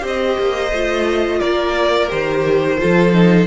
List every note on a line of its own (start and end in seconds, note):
0.00 0.37 C4
0.00 0.69 G4
0.00 1.39 C5
0.07 1.40 D#5
0.39 0.71 A#3
0.71 1.40 A3
0.71 2.08 F4
1.40 2.11 A#3
1.40 2.78 A#4
1.40 2.09 D5
2.08 2.80 D#3
2.08 2.77 G4
2.08 3.47 C5
2.78 3.12 F4
2.78 3.47 A4
2.84 3.47 F3
3.13 3.47 D#4